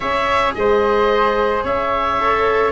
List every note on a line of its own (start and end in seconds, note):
0.00 0.55 C#4
0.00 2.19 G#4
0.00 0.54 C#5
0.00 0.53 E5
0.54 1.64 G#3
0.54 1.63 C5
0.54 1.63 D#5
1.63 2.72 C#4
1.63 2.72 C#5
1.63 2.72 E5
2.19 2.72 A4